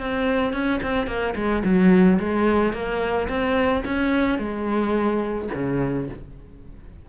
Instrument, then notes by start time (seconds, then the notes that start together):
cello
0.00 C4
0.53 C#4
0.83 C4
1.07 A#3
1.36 G#3
1.64 F#3
2.20 G#3
2.73 A#3
3.29 C4
3.85 C#4
4.39 G#3
5.54 C#3